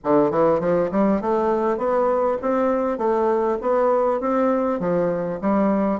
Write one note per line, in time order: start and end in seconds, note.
0.04 0.30 D3
0.30 0.60 E3
0.60 0.90 F3
0.91 1.21 G3
1.21 1.77 A3
1.77 2.37 B3
2.41 2.98 C4
2.98 3.58 A3
3.61 4.20 B3
4.20 4.79 C4
4.79 5.39 F3
5.41 6.00 G3